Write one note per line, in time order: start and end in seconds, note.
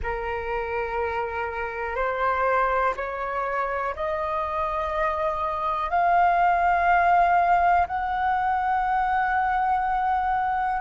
0.03 1.95 A#4
1.95 2.93 C5
2.96 3.94 C#5
3.95 5.90 D#5
5.90 7.86 F5
7.87 10.81 F#5